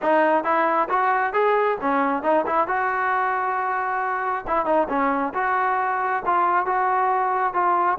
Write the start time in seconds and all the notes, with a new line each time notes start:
0.01 D#4
0.44 E4
0.89 F#4
1.33 G#4
1.80 C#4
2.23 D#4
2.46 E4
2.67 F#4
4.47 E4
4.65 D#4
4.88 C#4
5.34 F#4
6.25 F4
6.65 F#4
7.53 F4